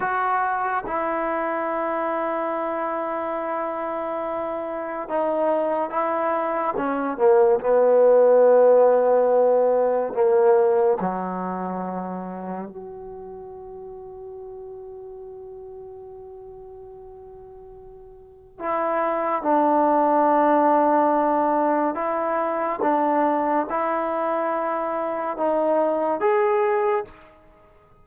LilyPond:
\new Staff \with { instrumentName = "trombone" } { \time 4/4 \tempo 4 = 71 fis'4 e'2.~ | e'2 dis'4 e'4 | cis'8 ais8 b2. | ais4 fis2 fis'4~ |
fis'1~ | fis'2 e'4 d'4~ | d'2 e'4 d'4 | e'2 dis'4 gis'4 | }